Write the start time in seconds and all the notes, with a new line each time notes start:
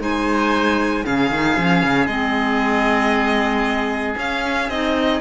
0.00 G#3 D#4 C5 G#5
1.04 C#3 C#4 G#4 F5
1.31 D#3 D#4
1.57 F3 C#4
1.83 C#3
2.07 G#3 C4 D#5
4.17 C#4 F5
4.69 C4 D#4 D#5